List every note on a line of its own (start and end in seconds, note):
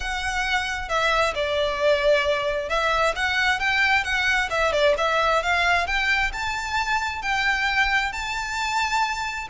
0.00 0.89 F#5
0.89 1.34 E5
1.35 2.69 D5
2.69 3.14 E5
3.15 3.59 F#5
3.59 4.04 G5
4.04 4.49 F#5
4.49 4.72 E5
4.72 4.95 D5
4.97 5.42 E5
5.43 5.86 F5
5.86 6.31 G5
6.33 7.22 A5
7.22 8.12 G5
8.12 9.47 A5